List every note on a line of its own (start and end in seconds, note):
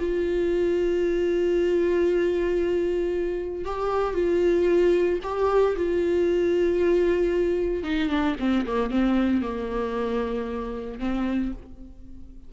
0.00 3.66 F4
3.66 4.15 G4
4.15 5.20 F4
5.23 5.76 G4
5.77 7.84 F4
7.84 8.10 D#4
8.10 8.36 D4
8.40 8.66 C4
8.67 8.91 A#3
8.91 9.42 C4
9.42 11.00 A#3
11.00 11.53 C4